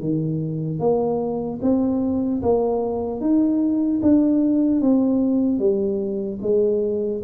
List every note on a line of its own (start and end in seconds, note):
0.00 0.80 D#3
0.80 1.60 A#3
1.62 2.42 C4
2.43 3.21 A#3
3.21 4.01 D#4
4.03 4.82 D4
4.82 5.59 C4
5.59 6.39 G3
6.42 7.22 G#3